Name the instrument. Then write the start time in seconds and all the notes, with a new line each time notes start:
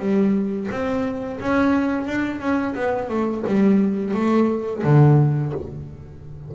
double bass
0.00 G3
0.71 C4
1.41 C#4
2.07 D4
2.40 C#4
2.75 B3
3.10 A3
3.47 G3
4.15 A3
4.84 D3